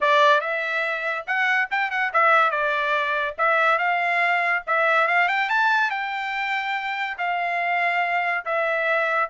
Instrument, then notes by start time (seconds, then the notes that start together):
trumpet
0.01 D5
0.40 E5
1.26 F#5
1.70 G5
1.91 F#5
2.13 E5
2.50 D5
3.37 E5
3.78 F5
4.66 E5
5.07 F5
5.28 G5
5.49 A5
5.90 G5
7.18 F5
8.45 E5